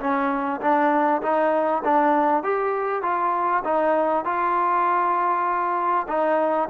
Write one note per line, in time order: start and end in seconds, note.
0.00 0.61 C#4
0.61 1.21 D4
1.22 1.83 D#4
1.84 2.43 D4
2.43 3.02 G4
3.02 3.63 F4
3.65 4.25 D#4
4.25 6.07 F4
6.08 6.69 D#4